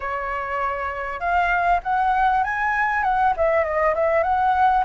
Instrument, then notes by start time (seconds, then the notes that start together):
flute
0.00 C#5
1.20 F5
1.83 F#5
2.43 G#5
3.03 F#5
3.36 E5
3.64 D#5
3.94 E5
4.23 F#5